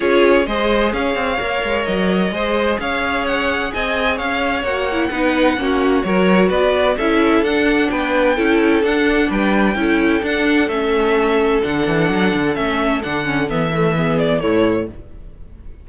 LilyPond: <<
  \new Staff \with { instrumentName = "violin" } { \time 4/4 \tempo 4 = 129 cis''4 dis''4 f''2 | dis''2 f''4 fis''4 | gis''4 f''4 fis''2~ | fis''4 cis''4 d''4 e''4 |
fis''4 g''2 fis''4 | g''2 fis''4 e''4~ | e''4 fis''2 e''4 | fis''4 e''4. d''8 cis''4 | }
  \new Staff \with { instrumentName = "violin" } { \time 4/4 gis'4 c''4 cis''2~ | cis''4 c''4 cis''2 | dis''4 cis''2 b'4 | fis'4 ais'4 b'4 a'4~ |
a'4 b'4 a'2 | b'4 a'2.~ | a'1~ | a'2 gis'4 e'4 | }
  \new Staff \with { instrumentName = "viola" } { \time 4/4 f'4 gis'2 ais'4~ | ais'4 gis'2.~ | gis'2 fis'8 e'8 dis'4 | cis'4 fis'2 e'4 |
d'2 e'4 d'4~ | d'4 e'4 d'4 cis'4~ | cis'4 d'2 cis'4 | d'8 cis'8 b8 a8 b4 a4 | }
  \new Staff \with { instrumentName = "cello" } { \time 4/4 cis'4 gis4 cis'8 c'8 ais8 gis8 | fis4 gis4 cis'2 | c'4 cis'4 ais4 b4 | ais4 fis4 b4 cis'4 |
d'4 b4 cis'4 d'4 | g4 cis'4 d'4 a4~ | a4 d8 e8 fis8 d8 a4 | d4 e2 a,4 | }
>>